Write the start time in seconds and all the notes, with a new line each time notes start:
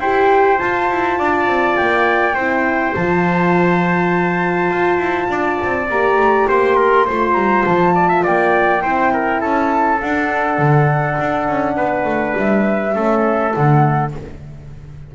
0.00 E4 G4 C5 G5
0.58 F4 A5
0.90 E4
1.19 D4 D5
1.47 C4
1.76 A#3 G5
2.35 C4 E4 C5
2.94 F3 F4 A5
4.71 F4
4.98 E4
5.29 D4 D5
5.64 C4
5.90 A#3 G4 A#5
6.17 A3
6.49 A#3 C5 C6
6.76 A#4
7.06 A3 F4 C5
7.34 G3 A#5
7.66 F3 A5
7.95 D5
8.09 E5
8.23 A#3 D5 G5
8.82 C4 E4 C5
9.14 A#4
9.41 C#4 A4 A5
10.01 D4 F#5
10.59 D3
11.20 D4
11.49 C#4
11.76 B3 B4
12.05 A3
12.37 G3 E5
12.93 A3 C#4 A4
13.52 D3 A3 F#5